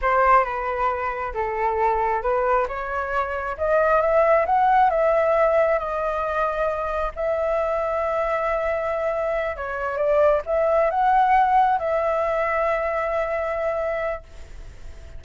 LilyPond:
\new Staff \with { instrumentName = "flute" } { \time 4/4 \tempo 4 = 135 c''4 b'2 a'4~ | a'4 b'4 cis''2 | dis''4 e''4 fis''4 e''4~ | e''4 dis''2. |
e''1~ | e''4. cis''4 d''4 e''8~ | e''8 fis''2 e''4.~ | e''1 | }